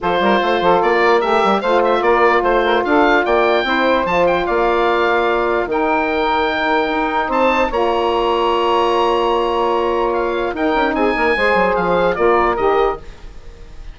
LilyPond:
<<
  \new Staff \with { instrumentName = "oboe" } { \time 4/4 \tempo 4 = 148 c''2 d''4 e''4 | f''8 e''8 d''4 c''4 f''4 | g''2 a''8 g''8 f''4~ | f''2 g''2~ |
g''2 a''4 ais''4~ | ais''1~ | ais''4 f''4 g''4 gis''4~ | gis''4 f''4 d''4 dis''4 | }
  \new Staff \with { instrumentName = "saxophone" } { \time 4/4 a'8 ais'8 c''8 a'4 ais'4. | c''4 ais'4 c''8 ais'8 a'4 | d''4 c''2 d''4~ | d''2 ais'2~ |
ais'2 c''4 cis''4~ | cis''1~ | cis''2 ais'4 gis'8 ais'8 | c''2 ais'2 | }
  \new Staff \with { instrumentName = "saxophone" } { \time 4/4 f'2. g'4 | f'1~ | f'4 e'4 f'2~ | f'2 dis'2~ |
dis'2. f'4~ | f'1~ | f'2 dis'2 | gis'2 f'4 g'4 | }
  \new Staff \with { instrumentName = "bassoon" } { \time 4/4 f8 g8 a8 f8 ais4 a8 g8 | a4 ais4 a4 d'4 | ais4 c'4 f4 ais4~ | ais2 dis2~ |
dis4 dis'4 c'4 ais4~ | ais1~ | ais2 dis'8 cis'8 c'8 ais8 | gis8 fis8 f4 ais4 dis4 | }
>>